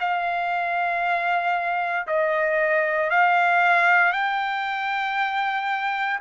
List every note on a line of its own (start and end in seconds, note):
0.00 2.07 F5
2.07 3.10 D#5
3.10 4.13 F5
4.13 6.20 G5